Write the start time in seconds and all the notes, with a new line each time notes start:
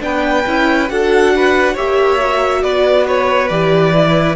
0.00 B3 D4 B4 G5
0.46 C#4 E4
0.88 D4 F#4 A4 F#5
1.35 B4
1.73 A#3 G4 C#5 E5
2.18 F#4
2.63 B3 B4 D5
3.07 C#5
3.48 E3 G4 D5
3.93 E4